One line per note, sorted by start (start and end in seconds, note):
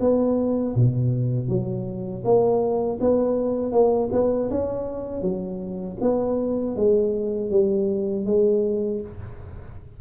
0.00 0.75 B3
0.76 1.48 B2
1.48 2.23 F#3
2.24 2.99 A#3
3.00 3.72 B3
3.72 4.09 A#3
4.12 4.50 B3
4.50 5.22 C#4
5.22 5.97 F#3
6.01 6.76 B3
6.76 7.50 G#3
7.50 8.25 G3
8.26 9.01 G#3